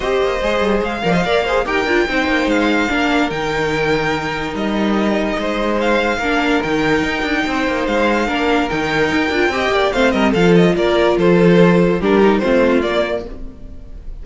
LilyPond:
<<
  \new Staff \with { instrumentName = "violin" } { \time 4/4 \tempo 4 = 145 dis''2 f''2 | g''2 f''2 | g''2. dis''4~ | dis''2 f''2 |
g''2. f''4~ | f''4 g''2. | f''8 dis''8 f''8 dis''8 d''4 c''4~ | c''4 ais'4 c''4 d''4 | }
  \new Staff \with { instrumentName = "violin" } { \time 4/4 c''2~ c''8 d''16 dis''16 d''8 c''8 | ais'4 c''2 ais'4~ | ais'1~ | ais'4 c''2 ais'4~ |
ais'2 c''2 | ais'2. dis''8 d''8 | c''8 ais'8 a'4 ais'4 a'4~ | a'4 g'4 f'2 | }
  \new Staff \with { instrumentName = "viola" } { \time 4/4 g'4 gis'4. ais'16 c''16 ais'8 gis'8 | g'8 f'8 dis'2 d'4 | dis'1~ | dis'2. d'4 |
dis'1 | d'4 dis'4. f'8 g'4 | c'4 f'2.~ | f'4 d'8 dis'8 c'4 ais4 | }
  \new Staff \with { instrumentName = "cello" } { \time 4/4 c'8 ais8 gis8 g8 gis8 f8 ais4 | dis'8 d'8 c'8 ais8 gis4 ais4 | dis2. g4~ | g4 gis2 ais4 |
dis4 dis'8 d'8 c'8 ais8 gis4 | ais4 dis4 dis'8 d'8 c'8 ais8 | a8 g8 f4 ais4 f4~ | f4 g4 a4 ais4 | }
>>